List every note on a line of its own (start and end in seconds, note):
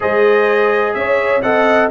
0.00 0.94 G#3
0.00 1.42 G#4
0.00 0.96 C5
0.00 0.94 D#5
0.94 1.42 C#4
0.94 1.43 C#5
0.94 1.41 E5
1.42 1.90 C4
1.42 1.90 A4
1.42 1.90 D#5
1.42 1.89 F#5